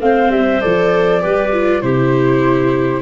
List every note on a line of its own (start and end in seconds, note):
0.00 0.30 A3
0.00 0.62 C4
0.00 1.22 C5
0.00 0.31 F5
0.30 0.60 G3
0.30 0.61 E5
0.61 1.25 F3
0.61 1.20 A4
0.61 1.82 D5
1.20 1.83 G3
1.20 1.51 G4
1.20 1.83 B4
1.53 1.82 F4
1.82 3.02 C3
1.82 3.02 E4
1.82 3.02 G4
1.82 3.02 C5